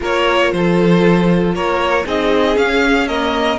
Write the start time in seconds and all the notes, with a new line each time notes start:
0.00 A#3 F4 A#4 C#5
0.51 F3 A4 C5
1.54 A#3 A#4 C#5
2.04 C4 D#4 G#4 D#5
2.55 C#4 F5
3.07 A#3 A#4 D#5